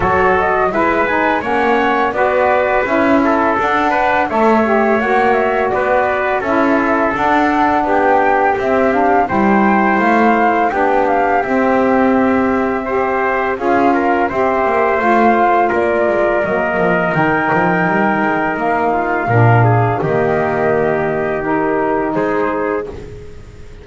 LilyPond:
<<
  \new Staff \with { instrumentName = "flute" } { \time 4/4 \tempo 4 = 84 cis''8 dis''8 e''8 gis''8 fis''4 d''4 | e''4 fis''4 e''4 fis''8 e''8 | d''4 e''4 fis''4 g''4 | e''8 f''8 g''4 f''4 g''8 f''8 |
e''2. f''4 | e''4 f''4 d''4 dis''4 | g''2 f''2 | dis''2 ais'4 c''4 | }
  \new Staff \with { instrumentName = "trumpet" } { \time 4/4 a'4 b'4 cis''4 b'4~ | b'8 a'4 b'8 cis''2 | b'4 a'2 g'4~ | g'4 c''2 g'4~ |
g'2 c''4 gis'8 ais'8 | c''2 ais'2~ | ais'2~ ais'8 f'8 ais'8 gis'8 | g'2. gis'4 | }
  \new Staff \with { instrumentName = "saxophone" } { \time 4/4 fis'4 e'8 dis'8 cis'4 fis'4 | e'4 d'4 a'8 g'8 fis'4~ | fis'4 e'4 d'2 | c'8 d'8 e'2 d'4 |
c'2 g'4 f'4 | g'4 f'2 ais4 | dis'2. d'4 | ais2 dis'2 | }
  \new Staff \with { instrumentName = "double bass" } { \time 4/4 fis4 gis4 ais4 b4 | cis'4 d'4 a4 ais4 | b4 cis'4 d'4 b4 | c'4 g4 a4 b4 |
c'2. cis'4 | c'8 ais8 a4 ais8 gis8 fis8 f8 | dis8 f8 g8 gis8 ais4 ais,4 | dis2. gis4 | }
>>